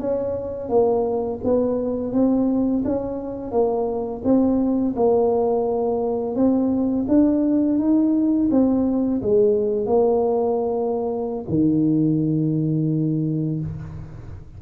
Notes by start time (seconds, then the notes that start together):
0.00 C#4
0.69 A#3
1.44 B3
2.13 C4
2.85 C#4
3.51 A#3
4.24 C4
4.96 A#3
6.35 C4
7.08 D4
7.79 D#4
8.51 C4
9.22 G#3
9.86 A#3
11.49 D#3